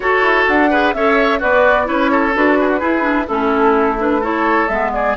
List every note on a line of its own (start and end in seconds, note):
0.00 0.21 F#4
0.00 0.69 F#4
0.00 0.70 A4
0.00 0.46 C#5
0.21 0.45 E4
0.47 0.94 D4
0.47 0.93 F#5
0.70 0.95 G#4
0.70 0.93 B4
0.93 1.41 C#4
0.93 1.40 A4
0.93 1.39 C#5
0.93 1.40 E5
1.39 1.89 B3
1.39 1.86 F#4
1.39 1.84 B4
1.39 1.87 D5
1.84 2.35 C#4
1.84 2.31 E4
1.84 2.11 B4
1.84 2.34 C#5
2.11 2.58 A4
2.35 2.81 D4
2.35 2.80 F#4
2.35 3.28 B4
2.61 2.68 G#4
2.68 2.79 F#4
2.79 3.01 E4
2.79 3.28 E4
2.79 3.26 G#4
3.01 3.24 D4
3.27 4.68 A3
3.27 3.98 C#4
3.27 4.20 E4
3.27 3.98 A4
3.98 4.21 D4
3.98 4.24 B4
4.20 4.68 E4
4.20 4.90 A4
4.20 4.68 C#5
4.68 5.15 G#3
4.68 5.17 B3
4.68 4.92 E5
4.92 5.17 G#4
4.92 5.16 D5